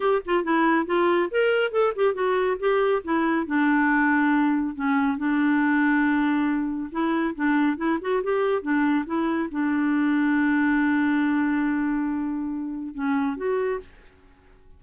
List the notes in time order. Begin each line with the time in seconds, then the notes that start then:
0.00 G4
0.25 F4
0.44 E4
0.86 F4
1.30 A#4
1.71 A4
1.95 G4
2.14 F#4
2.59 G4
3.04 E4
3.46 D4
4.75 C#4
5.17 D4
6.91 E4
7.35 D4
7.77 E4
8.01 F#4
8.23 G4
8.61 D4
9.06 E4
9.51 D4
12.94 C#4
13.37 F#4